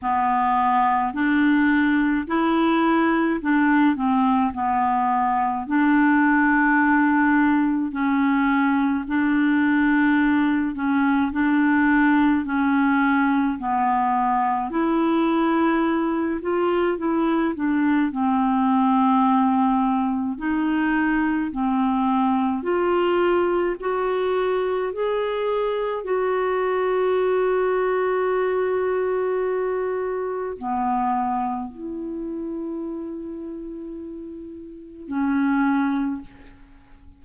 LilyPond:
\new Staff \with { instrumentName = "clarinet" } { \time 4/4 \tempo 4 = 53 b4 d'4 e'4 d'8 c'8 | b4 d'2 cis'4 | d'4. cis'8 d'4 cis'4 | b4 e'4. f'8 e'8 d'8 |
c'2 dis'4 c'4 | f'4 fis'4 gis'4 fis'4~ | fis'2. b4 | e'2. cis'4 | }